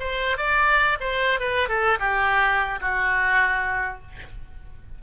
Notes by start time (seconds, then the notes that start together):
0.00 C5
0.38 D5
1.01 C5
1.40 B4
1.69 A4
2.00 G4
2.81 F#4